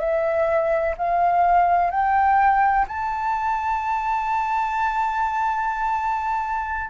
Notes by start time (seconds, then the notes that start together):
0.00 E5
0.98 F5
1.91 G5
2.88 A5